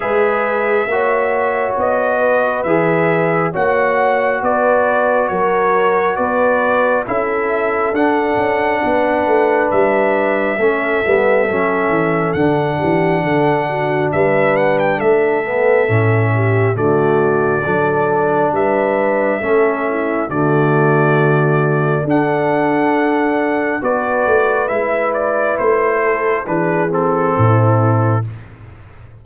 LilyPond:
<<
  \new Staff \with { instrumentName = "trumpet" } { \time 4/4 \tempo 4 = 68 e''2 dis''4 e''4 | fis''4 d''4 cis''4 d''4 | e''4 fis''2 e''4~ | e''2 fis''2 |
e''8 fis''16 g''16 e''2 d''4~ | d''4 e''2 d''4~ | d''4 fis''2 d''4 | e''8 d''8 c''4 b'8 a'4. | }
  \new Staff \with { instrumentName = "horn" } { \time 4/4 b'4 cis''4. b'4. | cis''4 b'4 ais'4 b'4 | a'2 b'2 | a'2~ a'8 g'8 a'8 fis'8 |
b'4 a'4. g'8 fis'4 | a'4 b'4 a'8 e'8 fis'4~ | fis'4 a'2 b'4~ | b'4. a'8 gis'4 e'4 | }
  \new Staff \with { instrumentName = "trombone" } { \time 4/4 gis'4 fis'2 gis'4 | fis'1 | e'4 d'2. | cis'8 b8 cis'4 d'2~ |
d'4. b8 cis'4 a4 | d'2 cis'4 a4~ | a4 d'2 fis'4 | e'2 d'8 c'4. | }
  \new Staff \with { instrumentName = "tuba" } { \time 4/4 gis4 ais4 b4 e4 | ais4 b4 fis4 b4 | cis'4 d'8 cis'8 b8 a8 g4 | a8 g8 fis8 e8 d8 e8 d4 |
g4 a4 a,4 d4 | fis4 g4 a4 d4~ | d4 d'2 b8 a8 | gis4 a4 e4 a,4 | }
>>